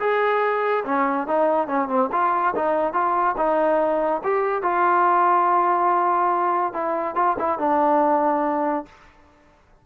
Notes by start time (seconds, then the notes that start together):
0.00 G#4
0.85 C#4
1.28 D#4
1.68 C#4
1.89 C4
2.13 F4
2.56 D#4
2.94 F4
3.38 D#4
4.24 G4
4.63 F4
6.74 E4
7.16 F4
7.39 E4
7.59 D4